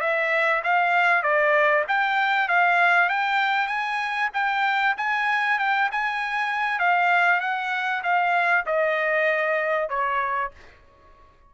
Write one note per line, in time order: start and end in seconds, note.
0.00 0.62 E5
0.64 1.22 F5
1.22 1.84 D5
1.88 2.48 G5
2.48 3.09 F5
3.09 3.67 G5
3.67 4.29 G#5
4.33 4.95 G5
4.97 5.58 G#5
5.58 5.89 G5
5.92 6.79 G#5
6.79 7.40 F5
7.40 8.02 F#5
8.03 8.65 F5
8.66 9.89 D#5
9.89 10.51 C#5